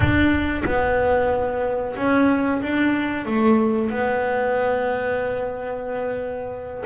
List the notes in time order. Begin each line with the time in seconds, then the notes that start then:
0.00 D4
0.65 B3
1.96 C#4
2.61 D4
3.25 A3
3.90 B3